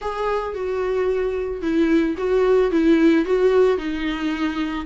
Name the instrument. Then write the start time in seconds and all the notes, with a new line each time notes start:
viola
0.01 G#4
0.54 F#4
1.61 E4
2.17 F#4
2.71 E4
3.25 F#4
3.77 D#4